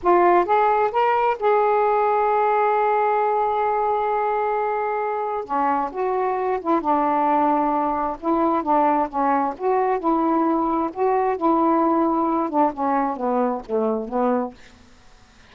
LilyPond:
\new Staff \with { instrumentName = "saxophone" } { \time 4/4 \tempo 4 = 132 f'4 gis'4 ais'4 gis'4~ | gis'1~ | gis'1 | cis'4 fis'4. e'8 d'4~ |
d'2 e'4 d'4 | cis'4 fis'4 e'2 | fis'4 e'2~ e'8 d'8 | cis'4 b4 a4 b4 | }